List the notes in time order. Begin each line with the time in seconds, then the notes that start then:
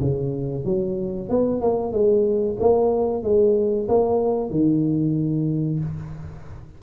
0.00 C#3
0.65 F#3
1.29 B3
1.61 A#3
1.92 G#3
2.60 A#3
3.23 G#3
3.88 A#3
4.50 D#3